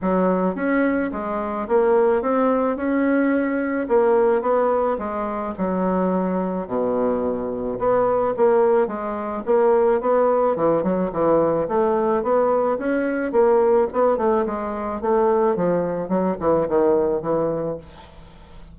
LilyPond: \new Staff \with { instrumentName = "bassoon" } { \time 4/4 \tempo 4 = 108 fis4 cis'4 gis4 ais4 | c'4 cis'2 ais4 | b4 gis4 fis2 | b,2 b4 ais4 |
gis4 ais4 b4 e8 fis8 | e4 a4 b4 cis'4 | ais4 b8 a8 gis4 a4 | f4 fis8 e8 dis4 e4 | }